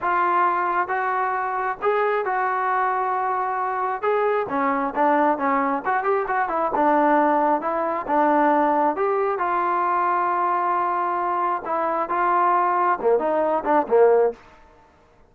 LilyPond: \new Staff \with { instrumentName = "trombone" } { \time 4/4 \tempo 4 = 134 f'2 fis'2 | gis'4 fis'2.~ | fis'4 gis'4 cis'4 d'4 | cis'4 fis'8 g'8 fis'8 e'8 d'4~ |
d'4 e'4 d'2 | g'4 f'2.~ | f'2 e'4 f'4~ | f'4 ais8 dis'4 d'8 ais4 | }